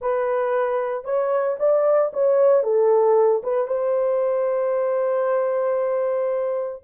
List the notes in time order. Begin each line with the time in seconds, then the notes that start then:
0.01 B4
1.04 C#5
1.59 D5
2.13 C#5
2.63 A4
3.43 B4
3.67 C5